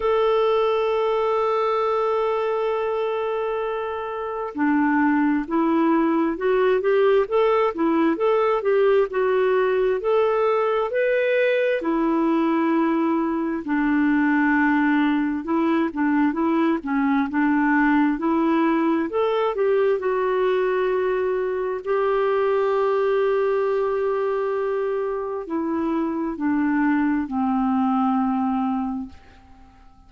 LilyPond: \new Staff \with { instrumentName = "clarinet" } { \time 4/4 \tempo 4 = 66 a'1~ | a'4 d'4 e'4 fis'8 g'8 | a'8 e'8 a'8 g'8 fis'4 a'4 | b'4 e'2 d'4~ |
d'4 e'8 d'8 e'8 cis'8 d'4 | e'4 a'8 g'8 fis'2 | g'1 | e'4 d'4 c'2 | }